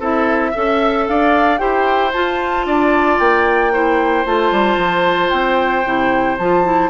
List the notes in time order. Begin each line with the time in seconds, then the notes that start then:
0.00 C4 E4 A4 E5
0.51 C#4 A4 E5
1.07 D4 D5 F5
1.58 E4 G4 C5 G5
2.13 F4 A5
2.66 D4 D5
3.20 A#3 G5
3.73 E4 C5
4.26 A3 F4 A5
4.52 G3
4.77 F3
5.30 C4 G5
5.86 C3 E4
6.39 F3 F4 A5
6.64 E4